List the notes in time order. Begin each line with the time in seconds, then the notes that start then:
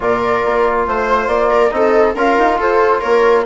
0.00 A#2 F4 A#4 D5
0.45 A#3
0.87 A3 C5
1.27 A#3 D5
1.50 A#4
1.70 C4 D#4 A4 D#5
2.14 C#4 F4 A#4 F5
2.37 D#4
2.58 F4 A4 C5
3.00 A#3 A#4 C#5